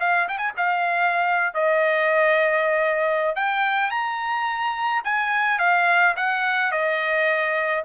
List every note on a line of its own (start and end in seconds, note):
0.00 0.28 F5
0.28 0.38 G5
0.38 0.52 G#5
0.57 1.54 F5
1.54 3.35 D#5
3.35 3.90 G5
3.90 5.02 A#5
5.04 5.59 G#5
5.59 6.15 F5
6.17 6.72 F#5
6.72 7.84 D#5